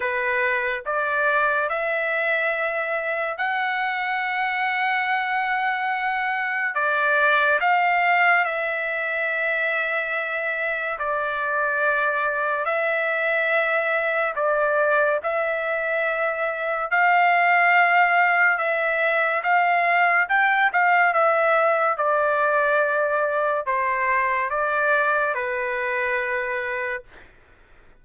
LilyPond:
\new Staff \with { instrumentName = "trumpet" } { \time 4/4 \tempo 4 = 71 b'4 d''4 e''2 | fis''1 | d''4 f''4 e''2~ | e''4 d''2 e''4~ |
e''4 d''4 e''2 | f''2 e''4 f''4 | g''8 f''8 e''4 d''2 | c''4 d''4 b'2 | }